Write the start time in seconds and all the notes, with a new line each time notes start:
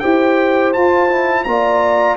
0.00 E4 G4 C5 G5
0.74 F4 A5
1.10 E4
1.44 A#3 F4 D5 A#5